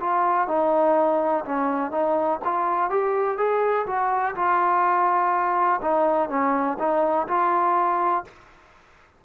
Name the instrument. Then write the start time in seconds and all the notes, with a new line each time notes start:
trombone
0.00 F4
0.48 D#4
1.45 C#4
1.91 D#4
2.45 F4
2.90 G4
3.37 G#4
3.86 F#4
4.35 F4
5.82 D#4
6.29 C#4
6.79 D#4
7.28 F4